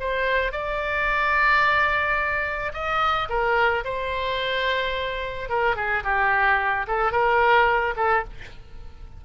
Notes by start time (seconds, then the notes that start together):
0.00 C5
0.52 D5
2.73 D#5
3.29 A#4
3.84 C5
5.49 A#4
5.76 G#4
6.04 G4
6.87 A4
7.12 A#4
7.96 A4